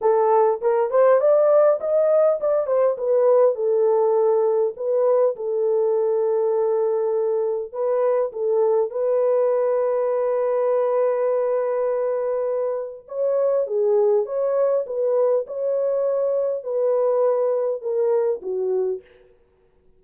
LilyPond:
\new Staff \with { instrumentName = "horn" } { \time 4/4 \tempo 4 = 101 a'4 ais'8 c''8 d''4 dis''4 | d''8 c''8 b'4 a'2 | b'4 a'2.~ | a'4 b'4 a'4 b'4~ |
b'1~ | b'2 cis''4 gis'4 | cis''4 b'4 cis''2 | b'2 ais'4 fis'4 | }